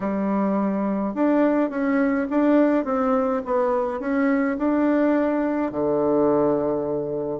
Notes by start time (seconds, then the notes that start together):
0.00 G3
1.14 D4
1.70 C#4
2.29 D4
2.84 C4
3.45 B3
3.99 C#4
4.58 D4
5.71 D3